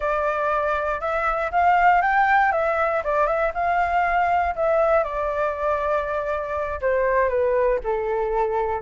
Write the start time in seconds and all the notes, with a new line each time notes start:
0.00 D5
1.00 E5
1.51 F5
2.01 G5
2.52 E5
3.04 D5
3.26 E5
3.54 F5
4.55 E5
5.03 D5
6.81 C5
7.29 B4
7.83 A4